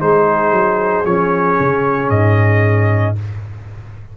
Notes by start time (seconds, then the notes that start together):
0.00 G#3 D#4 G#4 C5
0.52 F#3
1.05 F3 C#4 C#5
1.60 C#3
2.10 G#2 D#5